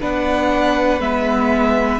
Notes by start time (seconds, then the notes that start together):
0.00 B3 D4 B4 F#5
0.99 G#3 B3 E5